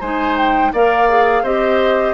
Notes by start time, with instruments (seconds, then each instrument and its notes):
0.00 bassoon G#3, clarinet D#4, oboe C5, flute G#5
0.37 flute G5
0.72 bassoon A#3, clarinet A#4, oboe D5, flute F5
1.09 clarinet G#4
1.43 bassoon C4, clarinet G4, oboe C5, flute D#5